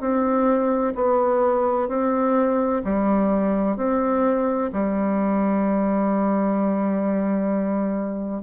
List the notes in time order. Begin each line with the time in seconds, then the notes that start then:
0.00 C4
0.95 B3
1.88 C4
2.84 G3
3.77 C4
4.73 G3